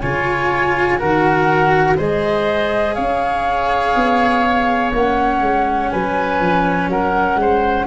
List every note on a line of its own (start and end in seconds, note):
0.00 1.01 C#3
0.00 0.98 F4
0.00 0.99 C#5
0.00 0.98 G#5
0.98 1.99 D#3
0.98 1.97 F#4
0.98 1.97 A#4
0.98 1.98 F#5
1.97 2.98 G#3
1.97 4.93 G#4
1.97 2.95 C5
1.97 2.95 D#5
2.95 3.95 C#4
2.95 5.90 C#5
2.95 4.91 F5
3.95 4.93 B3
4.93 5.41 A#3
4.93 7.87 C#4
4.93 5.91 F#5
5.41 5.90 G#3
5.91 6.40 F#3
5.91 6.90 B4
5.91 6.89 G#5
6.40 6.88 F3
6.88 7.36 F#3
6.88 7.40 A#4
6.88 7.87 F#5
7.36 7.85 G#3
7.36 7.87 C5